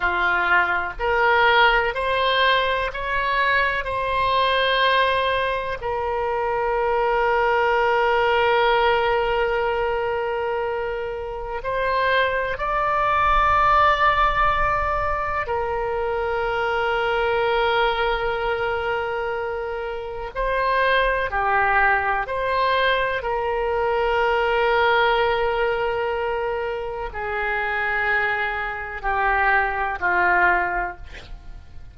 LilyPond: \new Staff \with { instrumentName = "oboe" } { \time 4/4 \tempo 4 = 62 f'4 ais'4 c''4 cis''4 | c''2 ais'2~ | ais'1 | c''4 d''2. |
ais'1~ | ais'4 c''4 g'4 c''4 | ais'1 | gis'2 g'4 f'4 | }